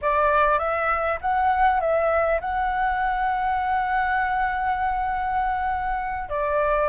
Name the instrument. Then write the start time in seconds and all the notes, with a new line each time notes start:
flute
0.01 D5
0.58 E5
1.21 F#5
1.80 E5
2.41 F#5
6.29 D5